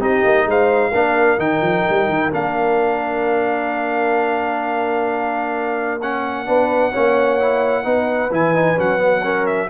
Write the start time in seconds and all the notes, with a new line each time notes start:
0.00 C4 D#4 G4 D#5
0.25 A#3
0.46 G#3 C5 F5
0.91 A#3 D4 A#4
1.38 D#3 D#4 G5
1.61 F3
1.90 G3
2.09 D#3
2.31 A#3 D4 F5
6.02 C#4 F#5
6.46 B3 D4 B4
6.92 A#3 C#4 C#5
7.40 E4
7.84 B3 D#4 B4
8.31 E3 E4 G#5
8.55 D#4
8.77 F#3 C#4 F#5
8.99 B3
9.23 C#4 A#4
9.47 E5